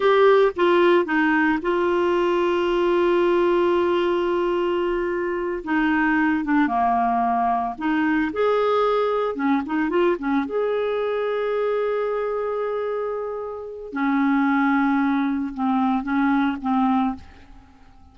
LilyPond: \new Staff \with { instrumentName = "clarinet" } { \time 4/4 \tempo 4 = 112 g'4 f'4 dis'4 f'4~ | f'1~ | f'2~ f'8 dis'4. | d'8 ais2 dis'4 gis'8~ |
gis'4. cis'8 dis'8 f'8 cis'8 gis'8~ | gis'1~ | gis'2 cis'2~ | cis'4 c'4 cis'4 c'4 | }